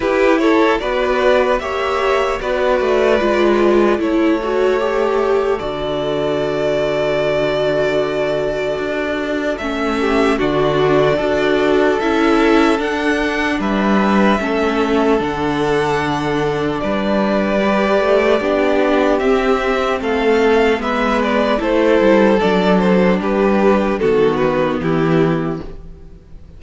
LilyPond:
<<
  \new Staff \with { instrumentName = "violin" } { \time 4/4 \tempo 4 = 75 b'8 cis''8 d''4 e''4 d''4~ | d''4 cis''2 d''4~ | d''1 | e''4 d''2 e''4 |
fis''4 e''2 fis''4~ | fis''4 d''2. | e''4 f''4 e''8 d''8 c''4 | d''8 c''8 b'4 a'8 b'8 g'4 | }
  \new Staff \with { instrumentName = "violin" } { \time 4/4 g'8 a'8 b'4 cis''4 b'4~ | b'4 a'2.~ | a'1~ | a'8 g'8 fis'4 a'2~ |
a'4 b'4 a'2~ | a'4 b'2 g'4~ | g'4 a'4 b'4 a'4~ | a'4 g'4 fis'4 e'4 | }
  \new Staff \with { instrumentName = "viola" } { \time 4/4 e'4 fis'4 g'4 fis'4 | f'4 e'8 fis'8 g'4 fis'4~ | fis'1 | cis'4 d'4 fis'4 e'4 |
d'2 cis'4 d'4~ | d'2 g'4 d'4 | c'2 b4 e'4 | d'2 b2 | }
  \new Staff \with { instrumentName = "cello" } { \time 4/4 e'4 b4 ais4 b8 a8 | gis4 a2 d4~ | d2. d'4 | a4 d4 d'4 cis'4 |
d'4 g4 a4 d4~ | d4 g4. a8 b4 | c'4 a4 gis4 a8 g8 | fis4 g4 dis4 e4 | }
>>